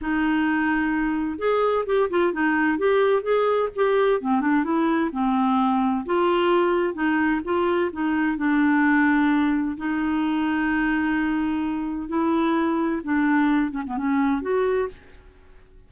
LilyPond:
\new Staff \with { instrumentName = "clarinet" } { \time 4/4 \tempo 4 = 129 dis'2. gis'4 | g'8 f'8 dis'4 g'4 gis'4 | g'4 c'8 d'8 e'4 c'4~ | c'4 f'2 dis'4 |
f'4 dis'4 d'2~ | d'4 dis'2.~ | dis'2 e'2 | d'4. cis'16 b16 cis'4 fis'4 | }